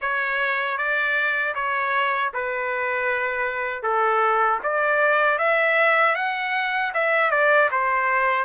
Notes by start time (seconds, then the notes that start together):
0.01 C#5
0.77 D5
1.55 C#5
2.33 B4
3.82 A4
4.63 D5
5.38 E5
6.15 F#5
6.93 E5
7.30 D5
7.71 C5